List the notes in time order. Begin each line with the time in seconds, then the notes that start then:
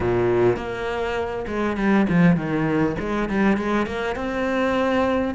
0.00 A#2
0.56 A#3
1.47 G#3
1.76 G3
2.09 F3
2.36 D#3
2.99 G#3
3.29 G3
3.57 G#3
3.86 A#3
4.15 C4